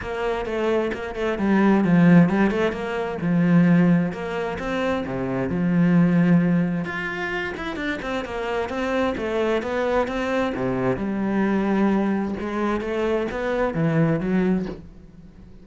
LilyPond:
\new Staff \with { instrumentName = "cello" } { \time 4/4 \tempo 4 = 131 ais4 a4 ais8 a8 g4 | f4 g8 a8 ais4 f4~ | f4 ais4 c'4 c4 | f2. f'4~ |
f'8 e'8 d'8 c'8 ais4 c'4 | a4 b4 c'4 c4 | g2. gis4 | a4 b4 e4 fis4 | }